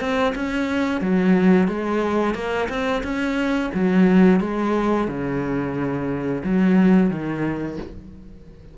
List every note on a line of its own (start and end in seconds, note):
0.00 0.34 C4
0.35 1.01 C#4
1.01 1.68 F#3
1.68 2.34 G#3
2.34 2.68 A#3
2.69 3.03 C4
3.03 3.71 C#4
3.74 4.40 F#3
4.40 5.08 G#3
5.08 6.43 C#3
6.44 7.10 F#3
7.10 7.78 D#3